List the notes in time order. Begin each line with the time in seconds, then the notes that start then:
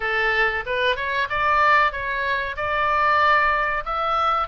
0.00 A4
0.66 B4
0.96 C#5
1.29 D5
1.92 C#5
2.56 D5
3.85 E5